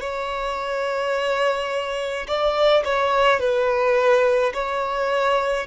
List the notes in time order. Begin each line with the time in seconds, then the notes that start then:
0.00 C#5
2.27 D5
2.84 C#5
3.39 B4
4.53 C#5